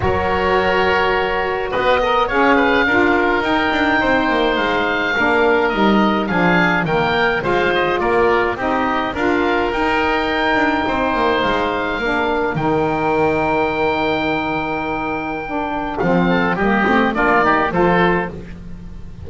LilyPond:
<<
  \new Staff \with { instrumentName = "oboe" } { \time 4/4 \tempo 4 = 105 cis''2. dis''4 | f''2 g''2 | f''2 dis''4 f''4 | g''4 f''8 dis''8 d''4 dis''4 |
f''4 g''2. | f''2 g''2~ | g''1 | f''4 dis''4 d''4 c''4 | }
  \new Staff \with { instrumentName = "oboe" } { \time 4/4 ais'2. b'8 dis''8 | cis''8 b'8 ais'2 c''4~ | c''4 ais'2 gis'4 | ais'4 c''4 ais'4 g'4 |
ais'2. c''4~ | c''4 ais'2.~ | ais'1~ | ais'8 a'8 g'4 f'8 g'8 a'4 | }
  \new Staff \with { instrumentName = "saxophone" } { \time 4/4 fis'2.~ fis'8 ais'8 | gis'4 f'4 dis'2~ | dis'4 d'4 dis'4 d'4 | ais4 f'2 dis'4 |
f'4 dis'2.~ | dis'4 d'4 dis'2~ | dis'2. d'4 | c'4 ais8 c'8 d'8 dis'8 f'4 | }
  \new Staff \with { instrumentName = "double bass" } { \time 4/4 fis2. b4 | cis'4 d'4 dis'8 d'8 c'8 ais8 | gis4 ais4 g4 f4 | dis4 gis4 ais4 c'4 |
d'4 dis'4. d'8 c'8 ais8 | gis4 ais4 dis2~ | dis1 | f4 g8 a8 ais4 f4 | }
>>